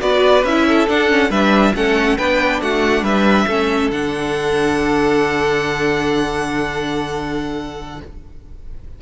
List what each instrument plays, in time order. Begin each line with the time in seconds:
0.00 cello B3, viola F#4, violin B4 D5
0.43 cello C#4, viola E4, violin E5
0.67 violin A4
0.88 viola D4, cello D4, violin F#5
1.09 viola C#4
1.30 cello G3, viola D4, violin B4 E5
1.75 cello A3, viola C#4, violin A4 F#5
2.17 cello B3, viola D4, violin B4 G5
2.61 cello A3, violin F#4 F#5
3.02 cello G3, violin B4 E5
3.47 cello A3, viola C#4, violin A4
3.91 cello D3, viola D4, violin F#5